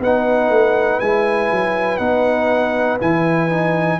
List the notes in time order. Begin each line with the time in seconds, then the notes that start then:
0.00 B3 D#4 B4 F#5
0.50 A3
1.00 G#3 E4 G#5
1.52 F#3
1.97 B3 D#4 F#5
3.01 E3 E4 G#5
3.50 D#4